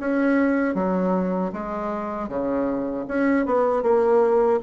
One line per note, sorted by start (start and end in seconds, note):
0.00 0.75 C#4
0.75 1.52 F#3
1.53 2.29 G#3
2.29 3.06 C#3
3.08 3.46 C#4
3.46 3.83 B3
3.83 4.60 A#3